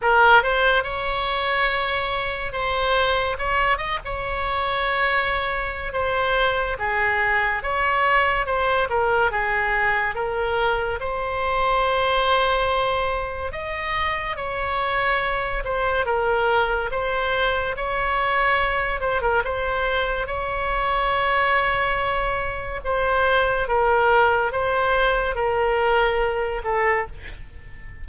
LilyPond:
\new Staff \with { instrumentName = "oboe" } { \time 4/4 \tempo 4 = 71 ais'8 c''8 cis''2 c''4 | cis''8 dis''16 cis''2~ cis''16 c''4 | gis'4 cis''4 c''8 ais'8 gis'4 | ais'4 c''2. |
dis''4 cis''4. c''8 ais'4 | c''4 cis''4. c''16 ais'16 c''4 | cis''2. c''4 | ais'4 c''4 ais'4. a'8 | }